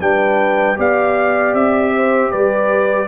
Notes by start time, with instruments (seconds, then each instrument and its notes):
0.00 tuba G3, trombone D4, horn B4, trumpet G5
0.77 tuba B3, trombone G4, horn D5, trumpet F5
1.54 tuba C4, trumpet E5
1.96 horn C5
2.31 tuba G3, horn B4, trumpet D5